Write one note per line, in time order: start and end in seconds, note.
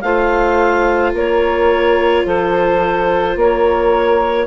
0.00 1.13 A3
0.00 4.47 F4
0.00 1.12 C5
0.00 1.11 F5
1.12 2.24 A#3
1.12 2.23 A#4
1.12 2.26 C#5
2.25 3.35 F3
2.25 3.34 A4
2.25 3.37 C5
3.34 4.47 A#3
3.34 4.45 A#4
3.34 4.47 C#5